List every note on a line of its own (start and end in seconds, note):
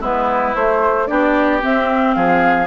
0.00 0.54 G#3
0.00 0.55 B3
0.00 1.07 E4
0.00 0.56 B4
0.55 1.09 A3
0.55 1.07 A3
0.55 1.07 C5
1.07 1.63 B3
1.07 1.61 D4
1.07 2.16 G4
1.07 1.60 D5
1.61 2.67 C4
1.61 2.16 C4
1.61 2.14 E5
2.14 2.67 F3
2.14 2.67 G#4
2.14 2.67 F5